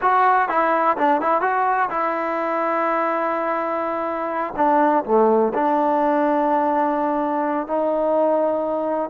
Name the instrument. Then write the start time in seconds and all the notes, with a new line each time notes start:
trombone
0.01 F#4
0.48 E4
0.97 D4
1.21 E4
1.41 F#4
1.90 E4
4.56 D4
5.04 A3
5.53 D4
7.67 D#4